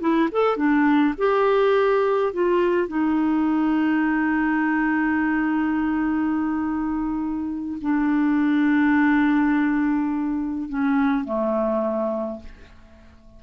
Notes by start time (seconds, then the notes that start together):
0.00 E4
0.31 A4
0.57 D4
1.17 G4
2.33 F4
2.88 D#4
7.81 D4
10.69 C#4
11.24 A3